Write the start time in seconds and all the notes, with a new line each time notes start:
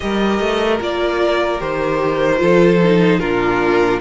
0.00 G3 G4 A#4 D#5
0.40 A3
0.79 A#3 F4 D5
1.58 D#3 G4 C5
2.37 F3 F4 A4
2.83 D#4
3.19 A#2 D4 F4 A#4